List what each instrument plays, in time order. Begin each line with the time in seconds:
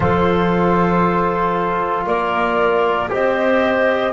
0.00 double bass F3, trombone F4, clarinet A4, flute C5
2.06 double bass A#3, clarinet A#4, flute D5
3.08 double bass C4, trombone G4, clarinet C5, flute D#5